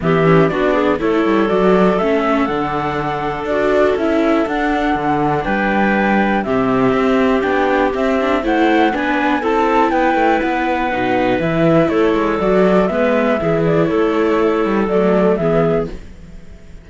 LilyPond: <<
  \new Staff \with { instrumentName = "flute" } { \time 4/4 \tempo 4 = 121 e''4 d''4 cis''4 d''4 | e''4 fis''2 d''4 | e''4 fis''2 g''4~ | g''4 e''2 g''4 |
e''4 fis''4 gis''4 a''4 | g''4 fis''2 e''4 | cis''4 d''4 e''4. d''8 | cis''2 d''4 e''4 | }
  \new Staff \with { instrumentName = "clarinet" } { \time 4/4 g'4 fis'8 gis'8 a'2~ | a'1~ | a'2. b'4~ | b'4 g'2.~ |
g'4 c''4 b'4 a'4 | b'1 | a'2 b'4 gis'4 | a'2. gis'4 | }
  \new Staff \with { instrumentName = "viola" } { \time 4/4 b8 cis'8 d'4 e'4 fis'4 | cis'4 d'2 fis'4 | e'4 d'2.~ | d'4 c'2 d'4 |
c'8 d'8 e'4 d'4 e'4~ | e'2 dis'4 e'4~ | e'4 fis'4 b4 e'4~ | e'2 a4 b4 | }
  \new Staff \with { instrumentName = "cello" } { \time 4/4 e4 b4 a8 g8 fis4 | a4 d2 d'4 | cis'4 d'4 d4 g4~ | g4 c4 c'4 b4 |
c'4 a4 b4 c'4 | b8 a8 b4 b,4 e4 | a8 gis8 fis4 gis4 e4 | a4. g8 fis4 e4 | }
>>